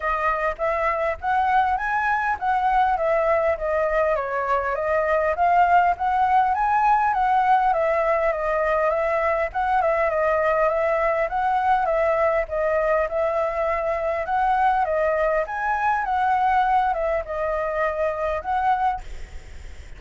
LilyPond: \new Staff \with { instrumentName = "flute" } { \time 4/4 \tempo 4 = 101 dis''4 e''4 fis''4 gis''4 | fis''4 e''4 dis''4 cis''4 | dis''4 f''4 fis''4 gis''4 | fis''4 e''4 dis''4 e''4 |
fis''8 e''8 dis''4 e''4 fis''4 | e''4 dis''4 e''2 | fis''4 dis''4 gis''4 fis''4~ | fis''8 e''8 dis''2 fis''4 | }